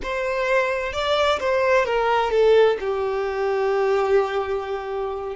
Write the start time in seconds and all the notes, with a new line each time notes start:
0.02 C5
0.92 D5
1.39 C5
1.85 A#4
2.30 A4
2.79 G4